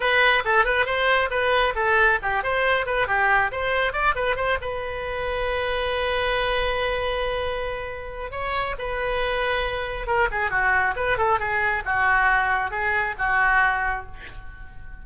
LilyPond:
\new Staff \with { instrumentName = "oboe" } { \time 4/4 \tempo 4 = 137 b'4 a'8 b'8 c''4 b'4 | a'4 g'8 c''4 b'8 g'4 | c''4 d''8 b'8 c''8 b'4.~ | b'1~ |
b'2. cis''4 | b'2. ais'8 gis'8 | fis'4 b'8 a'8 gis'4 fis'4~ | fis'4 gis'4 fis'2 | }